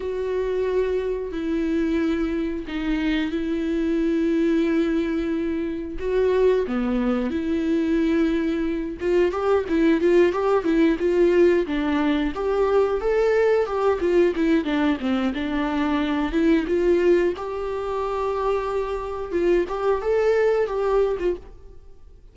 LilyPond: \new Staff \with { instrumentName = "viola" } { \time 4/4 \tempo 4 = 90 fis'2 e'2 | dis'4 e'2.~ | e'4 fis'4 b4 e'4~ | e'4. f'8 g'8 e'8 f'8 g'8 |
e'8 f'4 d'4 g'4 a'8~ | a'8 g'8 f'8 e'8 d'8 c'8 d'4~ | d'8 e'8 f'4 g'2~ | g'4 f'8 g'8 a'4 g'8. f'16 | }